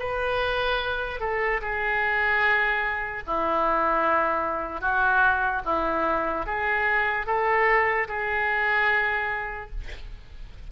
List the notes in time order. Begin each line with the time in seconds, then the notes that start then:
0.00 B4
1.21 A4
1.62 G#4
3.27 E4
4.81 F#4
5.65 E4
6.46 G#4
7.27 A4
8.09 G#4